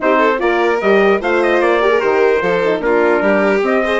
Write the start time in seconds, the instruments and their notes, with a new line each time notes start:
0.00 bassoon C4, horn D#4, violin G4, trumpet C5
0.18 violin A4
0.38 bassoon A#3, horn F4, violin A#4, trumpet D5
0.81 bassoon G3, horn G4, trumpet D#5
1.20 bassoon A3, horn F4, violin C5, trumpet F5
1.42 trumpet D#5
1.61 bassoon A#3, trumpet D5
1.81 horn G4, violin A#4
1.89 horn G#4
1.99 bassoon D#3, horn G4, trumpet C5
2.41 bassoon F3, horn F4, violin A4
2.64 horn D#4
2.80 bassoon A#3, horn D4, violin F4, trumpet A#4
3.21 bassoon G3, violin G4
3.62 bassoon C4, horn C4, trumpet D#5
3.84 horn G#4, violin C5